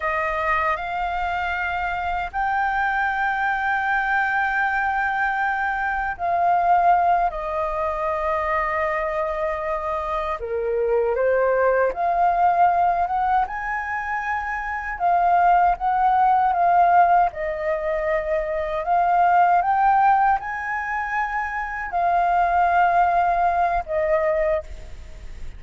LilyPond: \new Staff \with { instrumentName = "flute" } { \time 4/4 \tempo 4 = 78 dis''4 f''2 g''4~ | g''1 | f''4. dis''2~ dis''8~ | dis''4. ais'4 c''4 f''8~ |
f''4 fis''8 gis''2 f''8~ | f''8 fis''4 f''4 dis''4.~ | dis''8 f''4 g''4 gis''4.~ | gis''8 f''2~ f''8 dis''4 | }